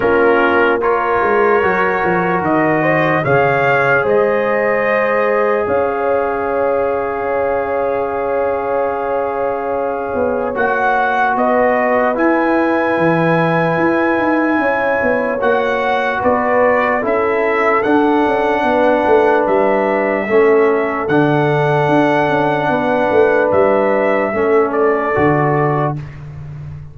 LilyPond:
<<
  \new Staff \with { instrumentName = "trumpet" } { \time 4/4 \tempo 4 = 74 ais'4 cis''2 dis''4 | f''4 dis''2 f''4~ | f''1~ | f''4 fis''4 dis''4 gis''4~ |
gis''2. fis''4 | d''4 e''4 fis''2 | e''2 fis''2~ | fis''4 e''4. d''4. | }
  \new Staff \with { instrumentName = "horn" } { \time 4/4 f'4 ais'2~ ais'8 c''8 | cis''4 c''2 cis''4~ | cis''1~ | cis''2 b'2~ |
b'2 cis''2 | b'4 a'2 b'4~ | b'4 a'2. | b'2 a'2 | }
  \new Staff \with { instrumentName = "trombone" } { \time 4/4 cis'4 f'4 fis'2 | gis'1~ | gis'1~ | gis'4 fis'2 e'4~ |
e'2. fis'4~ | fis'4 e'4 d'2~ | d'4 cis'4 d'2~ | d'2 cis'4 fis'4 | }
  \new Staff \with { instrumentName = "tuba" } { \time 4/4 ais4. gis8 fis8 f8 dis4 | cis4 gis2 cis'4~ | cis'1~ | cis'8 b8 ais4 b4 e'4 |
e4 e'8 dis'8 cis'8 b8 ais4 | b4 cis'4 d'8 cis'8 b8 a8 | g4 a4 d4 d'8 cis'8 | b8 a8 g4 a4 d4 | }
>>